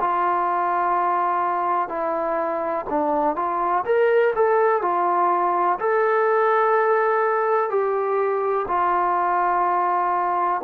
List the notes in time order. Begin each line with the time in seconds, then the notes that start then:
0.00 F4
1.88 E4
2.89 D4
3.36 F4
3.85 A#4
4.35 A4
4.82 F4
5.79 A4
7.69 G4
8.67 F4